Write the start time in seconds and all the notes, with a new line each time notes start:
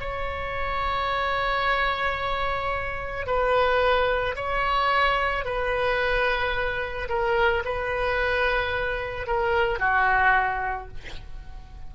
0.00 C#5
3.26 B4
4.35 C#5
5.44 B4
7.09 A#4
7.65 B4
9.27 A#4
9.79 F#4